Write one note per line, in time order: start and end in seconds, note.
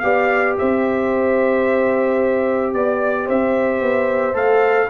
0.00 0.58 B3
0.00 4.34 G4
0.00 0.58 D5
0.00 0.54 F5
0.59 2.74 C4
0.59 2.76 C5
0.59 2.74 E5
2.74 3.28 B3
2.74 3.28 D5
2.74 3.26 D5
3.26 3.81 C4
3.26 4.88 C5
3.26 4.36 E5
3.81 4.34 B3
4.34 4.88 A3
4.34 4.88 A4
4.34 4.90 F5